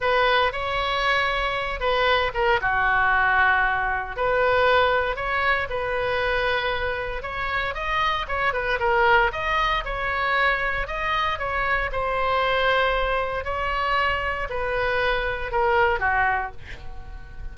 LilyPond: \new Staff \with { instrumentName = "oboe" } { \time 4/4 \tempo 4 = 116 b'4 cis''2~ cis''8 b'8~ | b'8 ais'8 fis'2. | b'2 cis''4 b'4~ | b'2 cis''4 dis''4 |
cis''8 b'8 ais'4 dis''4 cis''4~ | cis''4 dis''4 cis''4 c''4~ | c''2 cis''2 | b'2 ais'4 fis'4 | }